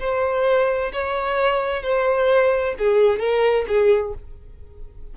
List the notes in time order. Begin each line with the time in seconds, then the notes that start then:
0.00 C5
0.93 C#5
1.83 C5
2.79 G#4
3.20 A#4
3.68 G#4